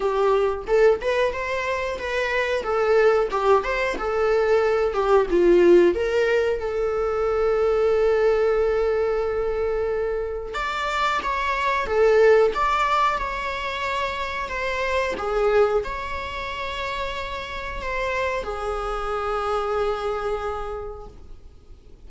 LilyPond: \new Staff \with { instrumentName = "viola" } { \time 4/4 \tempo 4 = 91 g'4 a'8 b'8 c''4 b'4 | a'4 g'8 c''8 a'4. g'8 | f'4 ais'4 a'2~ | a'1 |
d''4 cis''4 a'4 d''4 | cis''2 c''4 gis'4 | cis''2. c''4 | gis'1 | }